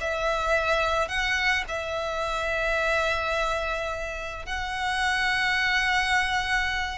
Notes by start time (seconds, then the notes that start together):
0.00 E5
1.08 F#5
1.68 E5
4.46 F#5